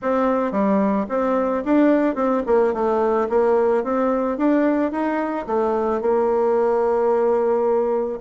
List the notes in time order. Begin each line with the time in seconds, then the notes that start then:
0.01 C4
0.51 G3
1.09 C4
1.64 D4
2.15 C4
2.46 A#3
2.73 A3
3.29 A#3
3.83 C4
4.37 D4
4.91 D#4
5.47 A3
6.01 A#3